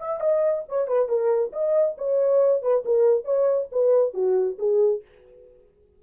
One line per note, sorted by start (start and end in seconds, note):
0.00 0.20 E5
0.20 0.64 D#5
0.69 0.88 C#5
0.88 1.08 B4
1.08 1.52 A#4
1.53 1.96 D#5
1.98 2.62 C#5
2.62 2.84 B4
2.85 3.25 A#4
3.25 3.68 C#5
3.72 4.14 B4
4.14 4.57 F#4
4.59 5.02 G#4